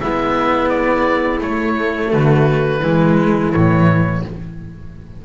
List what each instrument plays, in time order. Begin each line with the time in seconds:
0.00 double bass G#3, cello B3, clarinet E4, oboe E5
0.69 oboe D5
1.39 cello A3, double bass A3, oboe C#5
2.09 double bass D3, clarinet F#4, oboe B4
2.80 double bass E3, cello G#3, clarinet E4
3.52 double bass A2, cello E3, oboe C#5